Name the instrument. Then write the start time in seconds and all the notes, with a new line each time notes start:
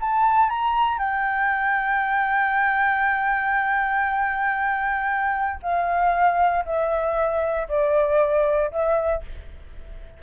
flute
0.00 A5
0.49 A#5
0.98 G5
5.62 F5
6.65 E5
7.68 D5
8.71 E5